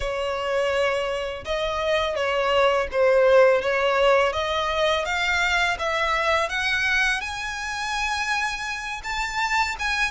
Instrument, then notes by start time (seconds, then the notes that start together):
violin
0.00 C#5
1.45 D#5
2.15 C#5
2.91 C5
3.61 C#5
4.32 D#5
5.05 F5
5.78 E5
6.49 F#5
7.20 G#5
9.03 A5
9.79 G#5